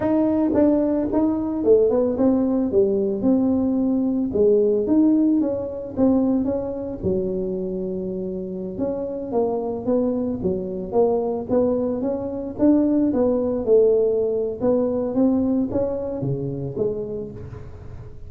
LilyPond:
\new Staff \with { instrumentName = "tuba" } { \time 4/4 \tempo 4 = 111 dis'4 d'4 dis'4 a8 b8 | c'4 g4 c'2 | gis4 dis'4 cis'4 c'4 | cis'4 fis2.~ |
fis16 cis'4 ais4 b4 fis8.~ | fis16 ais4 b4 cis'4 d'8.~ | d'16 b4 a4.~ a16 b4 | c'4 cis'4 cis4 gis4 | }